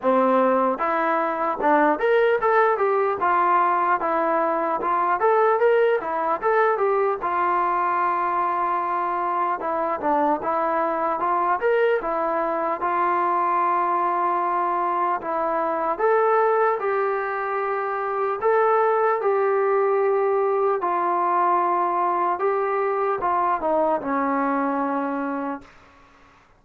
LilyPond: \new Staff \with { instrumentName = "trombone" } { \time 4/4 \tempo 4 = 75 c'4 e'4 d'8 ais'8 a'8 g'8 | f'4 e'4 f'8 a'8 ais'8 e'8 | a'8 g'8 f'2. | e'8 d'8 e'4 f'8 ais'8 e'4 |
f'2. e'4 | a'4 g'2 a'4 | g'2 f'2 | g'4 f'8 dis'8 cis'2 | }